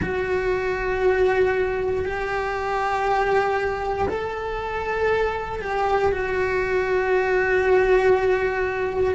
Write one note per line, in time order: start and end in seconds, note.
0.01 2.05 F#4
2.05 4.08 G4
4.09 5.61 A4
5.61 6.12 G4
6.12 9.14 F#4